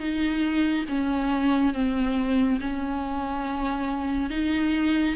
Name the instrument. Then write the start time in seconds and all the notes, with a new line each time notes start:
viola
0.00 D#4
0.88 C#4
1.74 C4
2.60 C#4
4.30 D#4